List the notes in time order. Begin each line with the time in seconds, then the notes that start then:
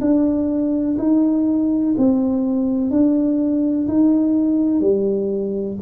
0.00 D4
0.98 D#4
1.97 C4
2.90 D4
3.88 D#4
4.80 G3